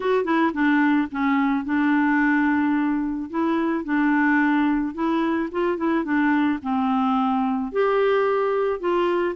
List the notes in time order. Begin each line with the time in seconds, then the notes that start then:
0.00 F#4
0.24 E4
0.53 D4
1.11 C#4
1.64 D4
3.30 E4
3.84 D4
4.94 E4
5.51 F4
5.77 E4
6.04 D4
6.62 C4
7.71 G4
8.79 F4